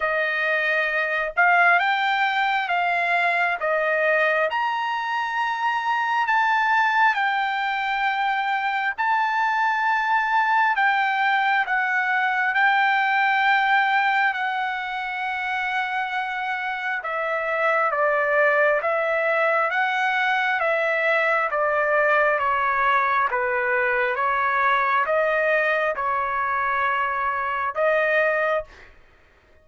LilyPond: \new Staff \with { instrumentName = "trumpet" } { \time 4/4 \tempo 4 = 67 dis''4. f''8 g''4 f''4 | dis''4 ais''2 a''4 | g''2 a''2 | g''4 fis''4 g''2 |
fis''2. e''4 | d''4 e''4 fis''4 e''4 | d''4 cis''4 b'4 cis''4 | dis''4 cis''2 dis''4 | }